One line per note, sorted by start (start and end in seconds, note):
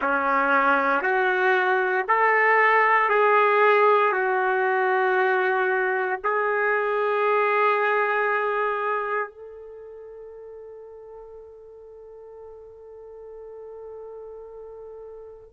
0.01 1.02 C#4
1.02 2.05 F#4
2.08 3.08 A4
3.08 4.12 G#4
4.12 6.19 F#4
6.24 9.29 G#4
9.29 15.49 A4